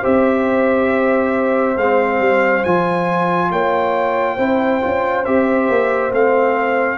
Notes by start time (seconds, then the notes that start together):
0.00 C4 G4 C5 E5
1.76 G#3 C4 F5
2.19 G3
2.63 F3 F4 G#5
3.50 A#3 C#5 G5
4.35 C4 E4 C5
4.81 C#4 F4
5.24 C4 G4 E5
5.69 A#3
6.11 A3 C4 F5